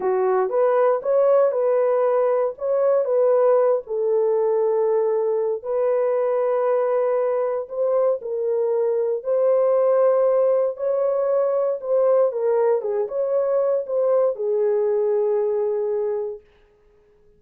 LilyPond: \new Staff \with { instrumentName = "horn" } { \time 4/4 \tempo 4 = 117 fis'4 b'4 cis''4 b'4~ | b'4 cis''4 b'4. a'8~ | a'2. b'4~ | b'2. c''4 |
ais'2 c''2~ | c''4 cis''2 c''4 | ais'4 gis'8 cis''4. c''4 | gis'1 | }